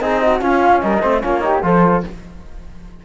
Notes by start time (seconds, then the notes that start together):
0.00 C4 D#4 G#4 D#5
0.22 F#4
0.41 C#4 F4 F5
0.81 G3 A#4 D#5
1.01 A3 C4 C5
1.21 A#3 C#4 F4 C#5
1.41 D#4 G4
1.63 F3 F4 A4 C5